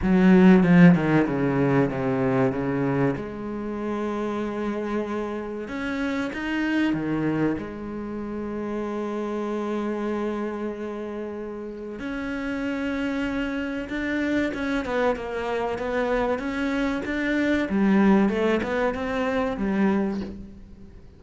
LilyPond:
\new Staff \with { instrumentName = "cello" } { \time 4/4 \tempo 4 = 95 fis4 f8 dis8 cis4 c4 | cis4 gis2.~ | gis4 cis'4 dis'4 dis4 | gis1~ |
gis2. cis'4~ | cis'2 d'4 cis'8 b8 | ais4 b4 cis'4 d'4 | g4 a8 b8 c'4 g4 | }